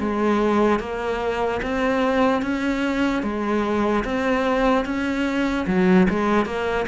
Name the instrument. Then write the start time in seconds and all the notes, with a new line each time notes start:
cello
0.00 G#3
0.80 A#3
1.63 C4
2.42 C#4
3.23 G#3
4.04 C4
4.85 C#4
5.67 F#3
6.10 G#3
6.46 A#3